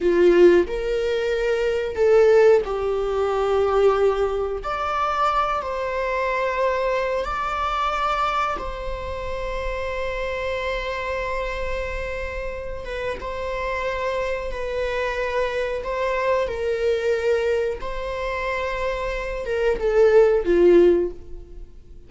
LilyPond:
\new Staff \with { instrumentName = "viola" } { \time 4/4 \tempo 4 = 91 f'4 ais'2 a'4 | g'2. d''4~ | d''8 c''2~ c''8 d''4~ | d''4 c''2.~ |
c''2.~ c''8 b'8 | c''2 b'2 | c''4 ais'2 c''4~ | c''4. ais'8 a'4 f'4 | }